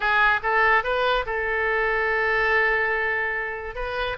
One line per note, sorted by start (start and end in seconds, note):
0.00 0.40 G#4
0.42 0.83 A4
0.83 1.25 B4
1.26 3.75 A4
3.75 4.17 B4